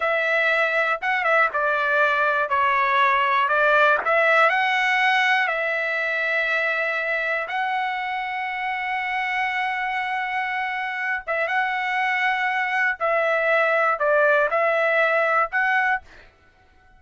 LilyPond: \new Staff \with { instrumentName = "trumpet" } { \time 4/4 \tempo 4 = 120 e''2 fis''8 e''8 d''4~ | d''4 cis''2 d''4 | e''4 fis''2 e''4~ | e''2. fis''4~ |
fis''1~ | fis''2~ fis''8 e''8 fis''4~ | fis''2 e''2 | d''4 e''2 fis''4 | }